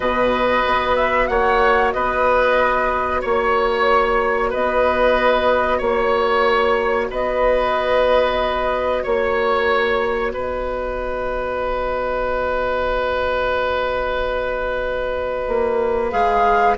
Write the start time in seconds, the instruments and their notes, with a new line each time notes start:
0.00 bassoon B2, clarinet F#4, oboe B4, flute D#5
0.66 bassoon B3
0.95 flute E5
1.27 bassoon A#3, oboe C#5, flute F#5
1.92 bassoon B3, oboe B4, flute D#5
3.21 bassoon A#3, oboe C#5, flute C#5
4.50 bassoon B3, oboe B4, flute D#5
5.78 bassoon A#3, oboe C#5, flute C#5
7.10 bassoon B3, oboe B4, flute D#5
9.03 bassoon A#3, oboe C#5, flute C#5
10.31 bassoon B3, oboe B4, flute D#5
15.47 bassoon A#3
16.10 bassoon G#3, clarinet G#4, flute F5